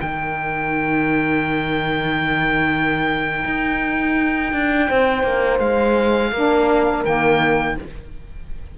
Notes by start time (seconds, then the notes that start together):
0.00 D#3 D#4 A#4 G5
3.45 D#4
4.53 D4
4.87 C4 C5
5.23 A#3
5.59 G#3 F5
6.32 A#3 D4 A#4
7.05 D#3 A#3 G5